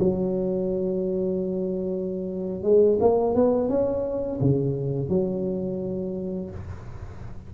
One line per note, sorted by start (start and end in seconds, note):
0.00 2.63 F#3
2.63 2.99 G#3
3.00 3.35 A#3
3.35 3.69 B3
3.69 4.40 C#4
4.41 5.09 C#3
5.09 6.50 F#3